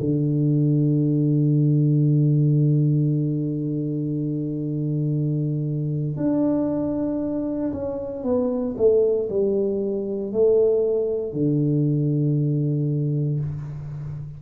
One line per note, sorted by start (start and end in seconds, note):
0.00 6.17 D3
6.17 7.72 D4
7.73 8.24 C#4
8.24 8.76 B3
8.77 9.29 A3
9.30 10.33 G3
10.33 11.33 A3
11.33 13.40 D3